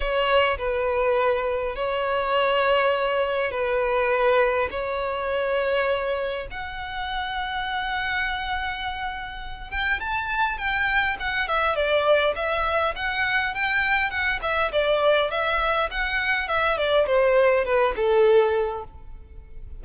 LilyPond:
\new Staff \with { instrumentName = "violin" } { \time 4/4 \tempo 4 = 102 cis''4 b'2 cis''4~ | cis''2 b'2 | cis''2. fis''4~ | fis''1~ |
fis''8 g''8 a''4 g''4 fis''8 e''8 | d''4 e''4 fis''4 g''4 | fis''8 e''8 d''4 e''4 fis''4 | e''8 d''8 c''4 b'8 a'4. | }